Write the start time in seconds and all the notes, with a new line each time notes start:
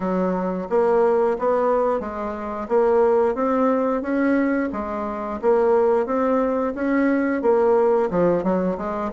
0.00 F#3
0.69 A#3
1.39 B3
2.00 G#3
2.68 A#3
3.35 C4
4.01 C#4
4.72 G#3
5.41 A#3
6.06 C4
6.74 C#4
7.42 A#3
8.10 F3
8.43 F#3
8.77 G#3